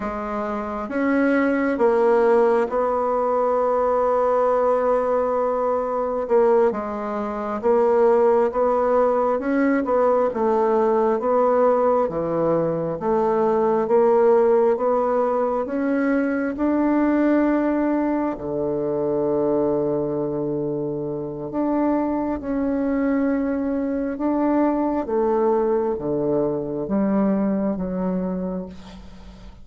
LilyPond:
\new Staff \with { instrumentName = "bassoon" } { \time 4/4 \tempo 4 = 67 gis4 cis'4 ais4 b4~ | b2. ais8 gis8~ | gis8 ais4 b4 cis'8 b8 a8~ | a8 b4 e4 a4 ais8~ |
ais8 b4 cis'4 d'4.~ | d'8 d2.~ d8 | d'4 cis'2 d'4 | a4 d4 g4 fis4 | }